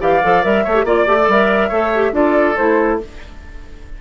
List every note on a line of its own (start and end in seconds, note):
0.00 0.23 E3
0.00 0.21 G4
0.00 0.64 D5
0.00 0.45 F5
0.23 0.45 F3
0.23 0.44 A4
0.44 0.66 G3
0.44 0.65 A#4
0.44 0.87 E5
0.64 0.85 A3
0.64 0.76 A4
0.64 0.85 C#5
0.76 0.86 G4
0.85 1.06 A#3
0.85 1.07 F4
0.85 1.69 D5
0.85 1.30 D5
1.07 1.28 A3
1.07 1.18 G4
1.23 1.71 G3
1.23 1.31 A4
1.31 1.72 A#4
1.31 2.15 E5
1.69 2.12 A3
1.69 1.93 A4
1.69 2.12 C#5
1.95 2.13 G4
2.12 2.55 D4
2.12 2.56 F4
2.12 3.01 A4
2.12 2.57 D5
2.57 3.01 A3
2.57 3.01 E4
2.57 2.99 C5